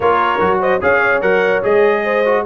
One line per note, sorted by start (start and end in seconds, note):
0.00 0.39 A#3
0.00 0.39 F4
0.00 0.60 A#4
0.00 0.59 C#5
0.39 0.81 F#3
0.39 0.80 F#4
0.60 0.80 C5
0.60 0.82 D#5
0.80 1.22 C#4
0.80 1.21 G#4
0.80 2.03 C#5
0.80 1.21 F5
1.21 1.62 F#3
1.21 1.62 A#4
1.21 1.62 F#5
1.63 2.45 G#3
1.63 2.24 G#4
1.63 2.46 D#5
2.04 2.44 C5
2.25 2.45 F#4